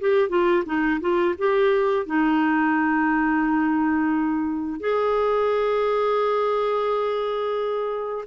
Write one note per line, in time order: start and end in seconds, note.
0.00 0.29 G4
0.29 0.64 F4
0.66 1.00 D#4
1.01 1.35 F4
1.38 2.06 G4
2.06 4.80 D#4
4.80 8.25 G#4